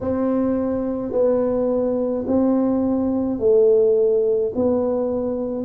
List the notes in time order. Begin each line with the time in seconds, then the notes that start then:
0.01 C4
1.12 B3
2.27 C4
3.39 A3
4.55 B3